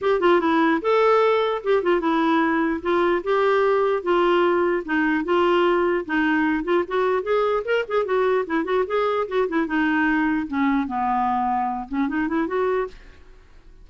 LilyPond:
\new Staff \with { instrumentName = "clarinet" } { \time 4/4 \tempo 4 = 149 g'8 f'8 e'4 a'2 | g'8 f'8 e'2 f'4 | g'2 f'2 | dis'4 f'2 dis'4~ |
dis'8 f'8 fis'4 gis'4 ais'8 gis'8 | fis'4 e'8 fis'8 gis'4 fis'8 e'8 | dis'2 cis'4 b4~ | b4. cis'8 dis'8 e'8 fis'4 | }